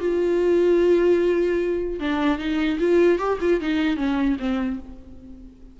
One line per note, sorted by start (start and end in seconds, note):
0.00 2.00 F4
2.00 2.39 D4
2.39 2.79 D#4
2.80 3.19 F4
3.19 3.39 G4
3.41 3.61 F4
3.61 3.97 D#4
3.97 4.37 C#4
4.40 4.80 C4